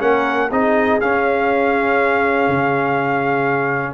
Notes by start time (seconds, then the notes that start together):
0.00 A#3 C#4 A#4 F#5
0.49 C4 D#4 G#4 D#5
1.01 C#4 F5
2.48 C#3